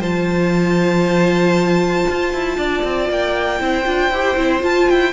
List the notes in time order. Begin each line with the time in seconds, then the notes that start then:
0.00 F3 F4 C5 A5
2.10 F4
2.33 E4
2.57 D4 D5
2.84 C4
3.09 A#3 G5
3.59 C4 E4 C5
3.85 D4 F4
4.11 E4 G4
4.37 C4 E4
4.60 F4 A5
4.89 E4 G5